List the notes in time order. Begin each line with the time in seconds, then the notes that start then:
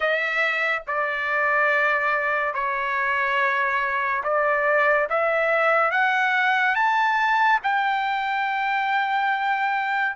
0.00 E5
0.87 D5
2.54 C#5
4.23 D5
5.09 E5
5.91 F#5
6.75 A5
7.63 G5